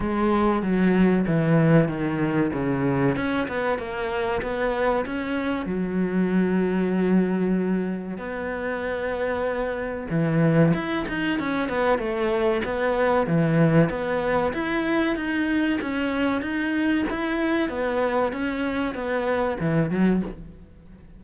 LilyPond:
\new Staff \with { instrumentName = "cello" } { \time 4/4 \tempo 4 = 95 gis4 fis4 e4 dis4 | cis4 cis'8 b8 ais4 b4 | cis'4 fis2.~ | fis4 b2. |
e4 e'8 dis'8 cis'8 b8 a4 | b4 e4 b4 e'4 | dis'4 cis'4 dis'4 e'4 | b4 cis'4 b4 e8 fis8 | }